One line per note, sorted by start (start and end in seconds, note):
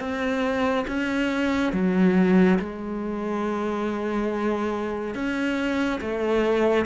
0.00 0.86 C4
0.88 1.73 C#4
1.73 2.59 F#3
2.59 5.15 G#3
5.15 6.01 C#4
6.02 6.86 A3